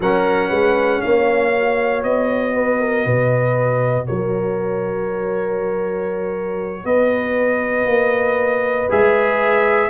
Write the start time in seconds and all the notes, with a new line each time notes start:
0.00 F#3 C#4 A#4 F#5
0.49 G#3 B4
1.01 A#3 C#5 F5
1.53 F#4
2.03 B3 D#5
2.54 B4
2.80 A#4
3.05 B2 B4
4.06 F#3 A#4 C#5
6.84 B3 B4 D#5
7.85 A#3
8.89 G#3 G#4 E5